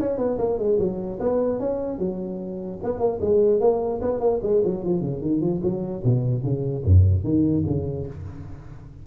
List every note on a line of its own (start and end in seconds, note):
0.00 0.18 C#4
0.18 0.38 B3
0.39 0.59 A#3
0.59 0.79 G#3
0.79 1.20 F#3
1.20 1.60 B3
1.60 1.99 C#4
1.99 2.79 F#3
2.84 3.00 B3
3.00 3.20 A#3
3.21 3.60 G#3
3.60 4.01 A#3
4.02 4.21 B3
4.21 4.41 A#3
4.43 4.63 G#3
4.65 4.84 F#3
4.84 5.01 F3
5.01 5.21 C#3
5.22 5.41 D#3
5.41 5.61 F3
5.63 6.03 F#3
6.04 6.44 B2
6.44 6.84 C#3
6.85 7.24 F#2
7.24 7.64 D#3
7.67 8.07 C#3